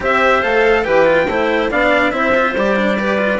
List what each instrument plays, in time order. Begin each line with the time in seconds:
0.00 bassoon C4, cello G4, clarinet C5, trumpet E5
0.42 bassoon A3, cello A4, trumpet F5
0.83 bassoon E3, cello G4, clarinet B4, trumpet G5
1.05 cello F4
1.27 bassoon A3, cello E4, clarinet C5
1.70 bassoon B3, cello D4, clarinet D5, trumpet F5
2.11 bassoon C4, cello E4, clarinet C5, trumpet E5
2.34 cello F4
2.55 bassoon G3, cello G4, trumpet D5
2.76 cello D4
2.99 cello G4, clarinet B4
3.17 cello F4